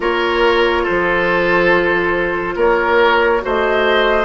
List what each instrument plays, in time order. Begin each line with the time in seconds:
0.00 bassoon A#3, clarinet F4, oboe A#4, flute C#5
0.83 oboe A4, flute C5
0.89 bassoon F3
2.56 bassoon A#3, oboe A#4, flute C#5
3.40 bassoon A3, clarinet F#4, oboe C5
3.47 flute D#5